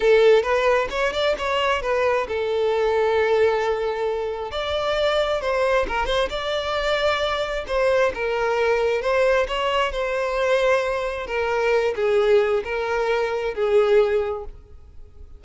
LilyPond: \new Staff \with { instrumentName = "violin" } { \time 4/4 \tempo 4 = 133 a'4 b'4 cis''8 d''8 cis''4 | b'4 a'2.~ | a'2 d''2 | c''4 ais'8 c''8 d''2~ |
d''4 c''4 ais'2 | c''4 cis''4 c''2~ | c''4 ais'4. gis'4. | ais'2 gis'2 | }